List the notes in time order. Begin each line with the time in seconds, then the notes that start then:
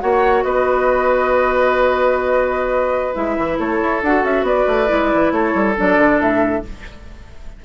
0.00 A#3 F#4 C#5 F#5
0.43 B3 B4 D#5
3.14 G#3 E4 E5
3.38 E3
3.59 A3 A4 C#5
3.82 E4
4.03 D4 F#4 F#5
4.24 C#4 E5
4.42 B3 B4 D5
4.68 A3
4.87 G#3 E4
5.14 E3
5.32 A3 A4 C#5
5.55 G3
5.77 F#3 D4 D5
5.98 D3
6.20 A2 E5